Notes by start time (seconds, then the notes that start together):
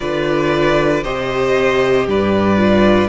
0.00 D3 F4 B4 D5
1.03 C3 G4 C5 D#5
2.07 G2 B4 D5
2.57 F4